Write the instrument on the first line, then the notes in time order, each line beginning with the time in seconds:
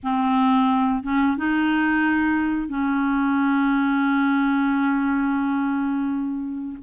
clarinet
0.03 C4
1.03 C#4
1.37 D#4
2.68 C#4